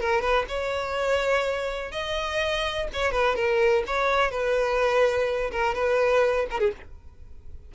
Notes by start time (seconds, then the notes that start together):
0.00 A#4
0.21 B4
0.48 C#5
1.91 D#5
2.93 C#5
3.11 B4
3.35 A#4
3.86 C#5
4.31 B4
5.51 A#4
5.74 B4
6.50 A#4
6.59 G#4